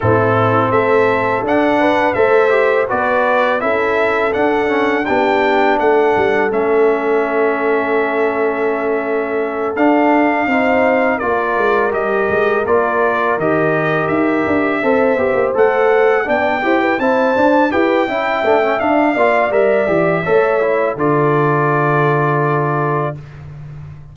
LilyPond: <<
  \new Staff \with { instrumentName = "trumpet" } { \time 4/4 \tempo 4 = 83 a'4 e''4 fis''4 e''4 | d''4 e''4 fis''4 g''4 | fis''4 e''2.~ | e''4. f''2 d''8~ |
d''8 dis''4 d''4 dis''4 e''8~ | e''4. fis''4 g''4 a''8~ | a''8 g''4. f''4 e''4~ | e''4 d''2. | }
  \new Staff \with { instrumentName = "horn" } { \time 4/4 e'4 a'4. b'8 c''4 | b'4 a'2 g'4 | a'1~ | a'2~ a'8 c''4 ais'8~ |
ais'1~ | ais'8 c''2 d''8 c''16 b'16 c''8~ | c''8 b'8 e''4. d''4. | cis''4 a'2. | }
  \new Staff \with { instrumentName = "trombone" } { \time 4/4 c'2 d'4 a'8 g'8 | fis'4 e'4 d'8 cis'8 d'4~ | d'4 cis'2.~ | cis'4. d'4 dis'4 f'8~ |
f'8 g'4 f'4 g'4.~ | g'8 a'8 g'8 a'4 d'8 g'8 e'8 | d'8 g'8 e'8 d'16 cis'16 d'8 f'8 ais'8 g'8 | a'8 e'8 f'2. | }
  \new Staff \with { instrumentName = "tuba" } { \time 4/4 a,4 a4 d'4 a4 | b4 cis'4 d'4 b4 | a8 g8 a2.~ | a4. d'4 c'4 ais8 |
gis8 g8 gis8 ais4 dis4 dis'8 | d'8 c'8 b16 ais16 a4 b8 e'8 c'8 | d'8 e'8 cis'8 a8 d'8 ais8 g8 e8 | a4 d2. | }
>>